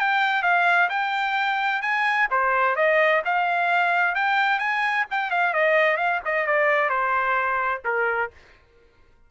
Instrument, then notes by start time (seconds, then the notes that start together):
trumpet
0.00 G5
0.43 F5
0.90 G5
1.82 G#5
2.31 C5
2.76 D#5
3.25 F5
4.15 G5
4.60 G#5
5.11 G5
5.31 F5
5.54 D#5
5.98 F5
6.25 D#5
6.47 D5
6.90 C5
7.85 A#4